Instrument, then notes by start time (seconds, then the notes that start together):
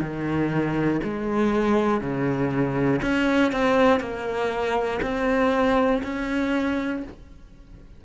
cello
0.00 D#3
1.03 G#3
2.01 C#3
3.02 C#4
3.52 C4
4.00 A#3
5.02 C4
6.03 C#4